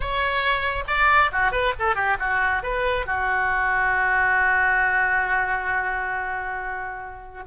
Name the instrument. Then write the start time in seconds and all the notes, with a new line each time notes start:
oboe
0.00 C#5
0.87 D5
1.31 F#4
1.51 B4
1.79 A4
1.95 G4
2.19 F#4
2.62 B4
3.06 F#4